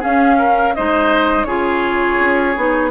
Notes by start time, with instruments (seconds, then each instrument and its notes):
0.00 clarinet C#4, bassoon C#4, oboe G#4, flute F5
0.39 oboe A#4
0.75 bassoon G#3, clarinet D#4, oboe C5, flute D#5
1.45 bassoon C#3, clarinet F4, oboe G#4, flute C#5
2.20 bassoon C#4
2.57 bassoon B3, clarinet D#4